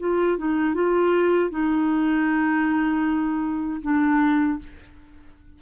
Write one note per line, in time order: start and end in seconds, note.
0.00 0.38 F4
0.38 0.75 D#4
0.75 1.51 F4
1.51 3.81 D#4
3.83 4.59 D4